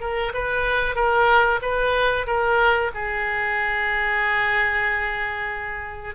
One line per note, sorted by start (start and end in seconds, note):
0.00 0.32 A#4
0.33 0.95 B4
0.95 1.60 A#4
1.62 2.26 B4
2.26 2.91 A#4
2.94 6.15 G#4